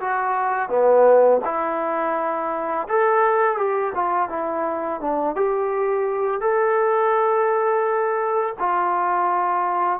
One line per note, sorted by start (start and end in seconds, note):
0.00 0.69 F#4
0.69 1.41 B3
1.45 2.88 E4
2.88 3.57 A4
3.57 3.93 G4
3.94 4.29 F4
4.29 5.01 E4
5.01 5.35 D4
5.35 6.40 G4
6.40 8.55 A4
8.59 10.00 F4